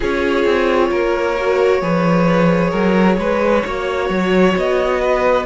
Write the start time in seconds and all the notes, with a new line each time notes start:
0.00 C#4 F4 G#4 C#5
0.45 C4
0.90 A#3 A#4
1.39 F#4
1.81 F3 G#4 B4
2.70 F#3 A#4
3.18 G#3 B4
3.64 A#3 F#4 C#5
4.09 F#3
4.56 B3 D#5
5.00 B4